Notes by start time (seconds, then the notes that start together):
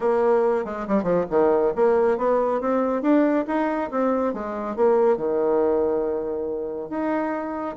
0.00 A#3
0.64 G#3
0.87 G3
1.03 F3
1.29 D#3
1.75 A#3
2.17 B3
2.60 C4
3.02 D4
3.47 D#4
3.90 C4
4.33 G#3
4.76 A#3
5.17 D#3
6.89 D#4